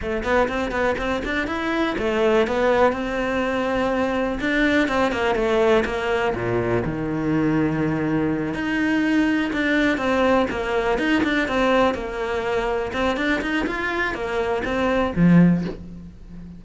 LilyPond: \new Staff \with { instrumentName = "cello" } { \time 4/4 \tempo 4 = 123 a8 b8 c'8 b8 c'8 d'8 e'4 | a4 b4 c'2~ | c'4 d'4 c'8 ais8 a4 | ais4 ais,4 dis2~ |
dis4. dis'2 d'8~ | d'8 c'4 ais4 dis'8 d'8 c'8~ | c'8 ais2 c'8 d'8 dis'8 | f'4 ais4 c'4 f4 | }